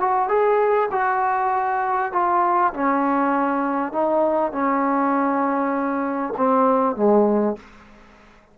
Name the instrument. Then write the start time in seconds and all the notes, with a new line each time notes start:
trombone
0.00 F#4
0.29 G#4
0.91 F#4
2.12 F4
2.74 C#4
3.93 D#4
4.52 C#4
6.37 C4
6.96 G#3